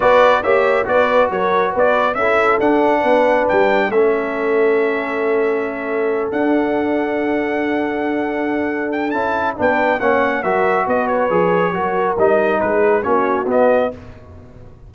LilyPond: <<
  \new Staff \with { instrumentName = "trumpet" } { \time 4/4 \tempo 4 = 138 d''4 e''4 d''4 cis''4 | d''4 e''4 fis''2 | g''4 e''2.~ | e''2~ e''8 fis''4.~ |
fis''1~ | fis''8 g''8 a''4 g''4 fis''4 | e''4 dis''8 cis''2~ cis''8 | dis''4 b'4 cis''4 dis''4 | }
  \new Staff \with { instrumentName = "horn" } { \time 4/4 b'4 cis''4 b'4 ais'4 | b'4 a'2 b'4~ | b'4 a'2.~ | a'1~ |
a'1~ | a'2 b'4 cis''4 | ais'4 b'2 ais'4~ | ais'4 gis'4 fis'2 | }
  \new Staff \with { instrumentName = "trombone" } { \time 4/4 fis'4 g'4 fis'2~ | fis'4 e'4 d'2~ | d'4 cis'2.~ | cis'2~ cis'8 d'4.~ |
d'1~ | d'4 e'4 d'4 cis'4 | fis'2 gis'4 fis'4 | dis'2 cis'4 b4 | }
  \new Staff \with { instrumentName = "tuba" } { \time 4/4 b4 ais4 b4 fis4 | b4 cis'4 d'4 b4 | g4 a2.~ | a2~ a8 d'4.~ |
d'1~ | d'4 cis'4 b4 ais4 | fis4 b4 f4 fis4 | g4 gis4 ais4 b4 | }
>>